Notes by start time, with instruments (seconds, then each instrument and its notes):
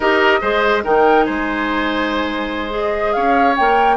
0.00 bassoon D#4, clarinet G4, oboe A#4, flute D#5
0.41 bassoon G#3, clarinet G#4, oboe C5
0.83 bassoon D#3, clarinet D#4, oboe A#4, flute G5
1.24 bassoon G#3, oboe C5, flute G#5
2.69 clarinet G#4, flute D#5
3.12 bassoon C#4, oboe C#5, flute F5
3.56 bassoon A#3, clarinet A#4, flute G5